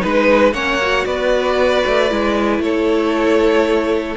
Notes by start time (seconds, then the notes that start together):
0.00 G#3 D#4 B4
0.53 A#3 C#4 C#5 F#5
0.82 F#4
1.06 B3 B4 D5
1.87 A3
2.10 G#3 E4
2.59 A3 A4 C#5